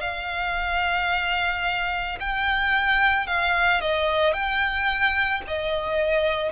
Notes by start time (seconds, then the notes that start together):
0.00 F5
2.20 G5
3.26 F5
3.80 D#5
4.33 G5
5.47 D#5